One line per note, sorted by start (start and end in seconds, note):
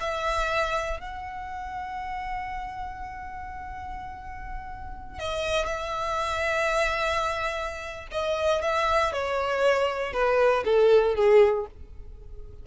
0.00 1.00 E5
1.00 5.19 F#5
5.19 5.66 D#5
5.66 8.07 E5
8.11 8.62 D#5
8.62 9.12 E5
9.13 10.13 C#5
10.13 10.64 B4
10.65 11.15 A4
11.15 11.66 G#4